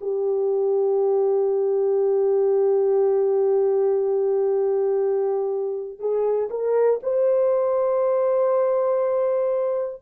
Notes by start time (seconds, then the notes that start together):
0.00 G4
5.99 G#4
6.50 A#4
7.03 C5